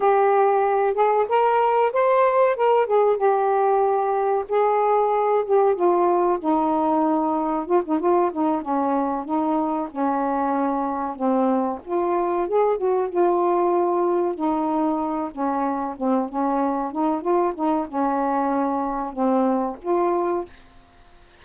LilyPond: \new Staff \with { instrumentName = "saxophone" } { \time 4/4 \tempo 4 = 94 g'4. gis'8 ais'4 c''4 | ais'8 gis'8 g'2 gis'4~ | gis'8 g'8 f'4 dis'2 | f'16 dis'16 f'8 dis'8 cis'4 dis'4 cis'8~ |
cis'4. c'4 f'4 gis'8 | fis'8 f'2 dis'4. | cis'4 c'8 cis'4 dis'8 f'8 dis'8 | cis'2 c'4 f'4 | }